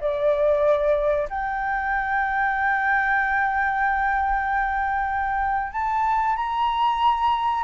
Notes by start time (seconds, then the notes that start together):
0.00 D5
1.29 G5
5.72 A5
6.36 A#5